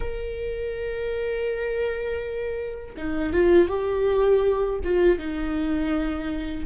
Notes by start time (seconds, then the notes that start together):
0.00 A#4
2.97 D#4
3.32 F4
3.68 G4
4.84 F4
5.18 D#4